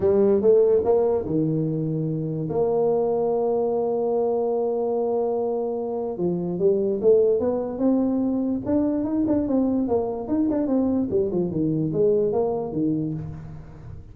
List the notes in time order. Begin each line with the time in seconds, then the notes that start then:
0.00 G3
0.41 A3
0.84 A#3
1.25 D#3
2.49 A#3
6.17 F3
6.59 G3
7.01 A3
7.39 B3
7.78 C4
8.65 D4
9.04 D#4
9.27 D4
9.47 C4
9.87 A#3
10.28 D#4
10.50 D4
10.67 C4
11.10 G3
11.31 F3
11.50 D#3
11.93 G#3
12.32 A#3
12.72 D#3